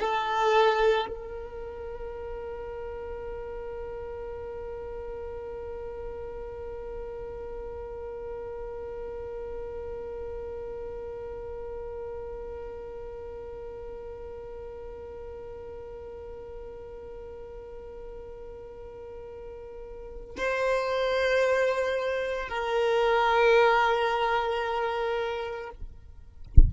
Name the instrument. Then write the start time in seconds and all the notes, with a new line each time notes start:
violin
0.00 A4
1.08 A#4
20.37 C5
22.49 A#4